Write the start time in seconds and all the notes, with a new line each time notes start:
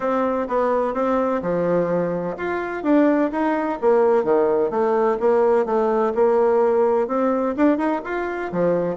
0.00 C4
0.48 B3
0.94 C4
1.42 F3
2.37 F4
2.83 D4
3.31 D#4
3.81 A#3
4.23 D#3
4.70 A3
5.19 A#3
5.65 A3
6.14 A#3
7.07 C4
7.56 D4
7.77 D#4
8.04 F4
8.51 F3